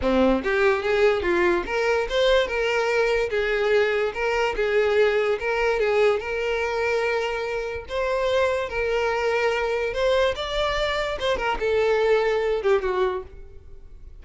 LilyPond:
\new Staff \with { instrumentName = "violin" } { \time 4/4 \tempo 4 = 145 c'4 g'4 gis'4 f'4 | ais'4 c''4 ais'2 | gis'2 ais'4 gis'4~ | gis'4 ais'4 gis'4 ais'4~ |
ais'2. c''4~ | c''4 ais'2. | c''4 d''2 c''8 ais'8 | a'2~ a'8 g'8 fis'4 | }